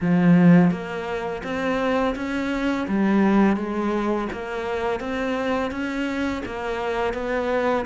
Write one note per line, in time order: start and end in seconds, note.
0.01 0.70 F3
0.70 1.42 A#3
1.43 2.15 C4
2.15 2.87 C#4
2.87 3.56 G3
3.56 4.28 G#3
4.32 4.99 A#3
4.99 5.71 C4
5.71 6.42 C#4
6.45 7.13 A#3
7.13 7.85 B3